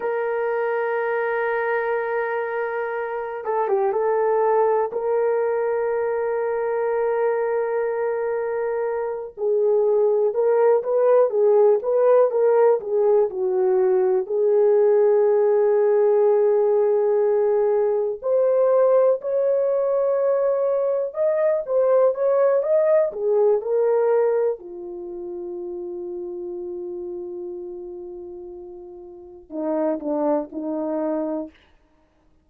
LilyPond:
\new Staff \with { instrumentName = "horn" } { \time 4/4 \tempo 4 = 61 ais'2.~ ais'8 a'16 g'16 | a'4 ais'2.~ | ais'4. gis'4 ais'8 b'8 gis'8 | b'8 ais'8 gis'8 fis'4 gis'4.~ |
gis'2~ gis'8 c''4 cis''8~ | cis''4. dis''8 c''8 cis''8 dis''8 gis'8 | ais'4 f'2.~ | f'2 dis'8 d'8 dis'4 | }